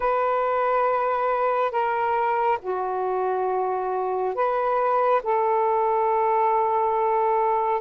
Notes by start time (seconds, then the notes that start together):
0.00 B4
1.71 A#4
2.61 F#4
4.34 B4
5.23 A4